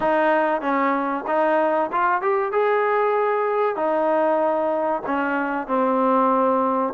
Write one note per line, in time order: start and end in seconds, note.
0.00 0.61 D#4
0.61 1.24 C#4
1.27 1.90 D#4
1.92 2.21 F4
2.21 2.51 G4
2.51 3.76 G#4
3.76 5.02 D#4
5.06 5.67 C#4
5.67 6.93 C4